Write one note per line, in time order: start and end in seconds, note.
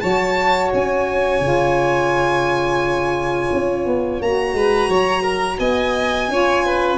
0.00 0.73 F#3
0.00 1.41 F#4
0.00 4.56 C#5
0.00 0.70 A5
0.73 1.40 C#4
0.73 4.22 G#5
1.40 3.49 C#3
1.40 4.21 F4
3.52 3.86 C#4
3.86 4.20 B3
4.21 4.53 A#3
4.21 6.29 F#4
4.21 5.59 A#5
4.53 4.88 G#3
4.53 4.90 B4
4.89 5.59 F#3
4.89 5.22 C#5
5.22 5.57 A#4
5.59 6.28 B3
5.59 6.30 D#5
5.59 6.97 G#5
6.28 6.97 C#4
6.28 6.97 F4
6.28 6.65 C#5
6.65 6.97 B4